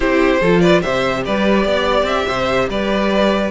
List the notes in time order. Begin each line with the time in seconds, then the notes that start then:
0.00 C4 E4 G4 C5
0.40 F3 F4 A4
0.60 B4 D5
0.81 C3 G4 C5 E5
1.25 G3 B4 D5
1.65 B3 D5
2.02 C4 E5
2.27 C3 C5
2.69 G3 B4 D5